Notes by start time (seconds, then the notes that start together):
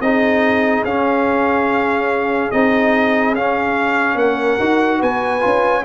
0.00 C4 D#4 G#4 D#5
0.84 C#4 F5
2.51 C4 D#4 D#5
3.34 C#4 F5
4.15 A#3 A#4 F#5
4.59 D#4 F#4
4.98 B3 B4 G#5
5.40 C#4 F4